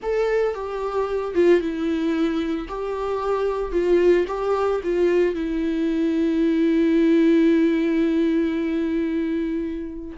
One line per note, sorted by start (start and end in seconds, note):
0.02 0.54 A4
0.54 1.34 G4
1.34 1.60 F4
1.60 2.67 E4
2.68 3.72 G4
3.72 4.25 F4
4.27 4.81 G4
4.83 5.34 F4
5.34 10.17 E4